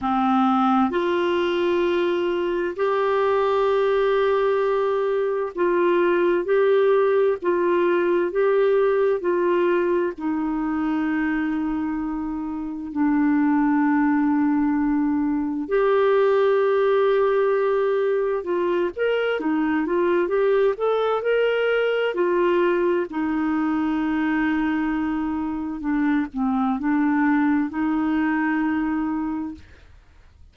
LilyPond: \new Staff \with { instrumentName = "clarinet" } { \time 4/4 \tempo 4 = 65 c'4 f'2 g'4~ | g'2 f'4 g'4 | f'4 g'4 f'4 dis'4~ | dis'2 d'2~ |
d'4 g'2. | f'8 ais'8 dis'8 f'8 g'8 a'8 ais'4 | f'4 dis'2. | d'8 c'8 d'4 dis'2 | }